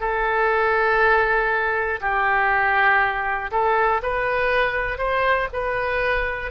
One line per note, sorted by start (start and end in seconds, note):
0.00 2.00 A4
2.00 3.50 G4
3.51 4.01 A4
4.02 4.98 B4
4.98 5.48 C5
5.52 6.50 B4